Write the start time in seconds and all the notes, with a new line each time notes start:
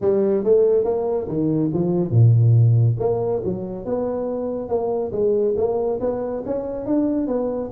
0.01 G3
0.44 A3
0.84 A#3
1.28 D#3
1.73 F3
2.10 A#2
2.99 A#3
3.44 F#3
3.85 B3
4.69 A#3
5.12 G#3
5.56 A#3
6.00 B3
6.45 C#4
6.86 D4
7.27 B3